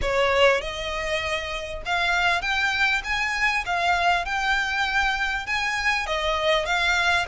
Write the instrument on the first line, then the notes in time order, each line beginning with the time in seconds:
violin
0.01 C#5
0.61 D#5
1.85 F5
2.41 G5
3.04 G#5
3.65 F5
4.25 G5
5.46 G#5
6.06 D#5
6.65 F5